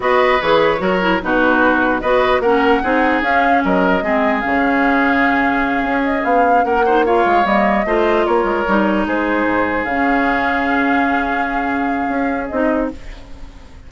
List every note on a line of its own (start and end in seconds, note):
0.00 0.39 B3
0.00 0.40 F#4
0.00 0.81 B4
0.00 0.41 D#5
0.41 0.80 E3
0.41 0.78 G#4
0.41 1.21 C#5
0.78 1.20 F#3
0.78 0.98 F#4
0.78 1.21 A#4
1.00 1.20 E4
1.21 2.02 B2
1.21 2.02 D#4
1.21 2.01 F#4
1.21 2.00 B4
2.00 2.40 B3
2.00 2.43 F#4
2.00 2.41 B4
2.00 2.41 D#5
2.40 2.80 A#3
2.40 2.83 C#4
2.40 2.82 A#4
2.40 3.21 F#5
2.83 3.22 C4
2.83 3.23 D#4
2.83 3.63 G#4
3.22 3.62 C#4
3.22 4.02 C#4
3.22 3.63 F5
3.64 4.02 F#3
3.64 4.03 A#4
3.64 4.40 D#5
4.02 4.42 G#3
4.02 4.42 C4
4.02 6.65 G#4
4.40 5.82 C#3
4.40 6.83 C#4
4.40 6.01 F5
5.82 6.22 C#4
6.04 6.24 D#5
6.24 6.64 B3
6.24 6.64 F5
6.64 7.25 A#3
6.64 6.85 A#4
6.64 7.04 F#5
6.85 7.05 D#4
6.85 7.05 C5
7.05 7.44 F4
7.05 7.86 C#5
7.05 7.45 F5
7.25 7.44 G#3
7.44 7.85 G3
7.44 7.84 A#3
7.44 8.26 D#5
7.85 8.25 A3
7.85 8.66 F4
7.85 8.26 C5
8.26 8.44 A#3
8.26 9.06 A#4
8.26 9.06 C#5
8.44 8.64 G#3
8.67 9.06 G3
8.67 9.87 D#4
9.06 9.45 G#3
9.06 12.89 G#4
9.06 9.84 C5
9.45 9.84 G#2
9.84 12.06 C#3
9.84 12.50 C#4
9.84 12.46 F5
12.09 12.49 C#4
12.47 12.91 C4
12.47 12.91 D#4
12.47 12.87 D#5